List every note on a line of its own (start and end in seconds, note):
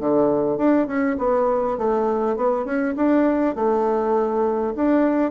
0.00 0.58 D3
0.58 0.87 D4
0.87 1.17 C#4
1.18 1.78 B3
1.78 2.36 A3
2.36 2.65 B3
2.65 2.95 C#4
2.96 3.56 D4
3.56 4.74 A3
4.76 5.31 D4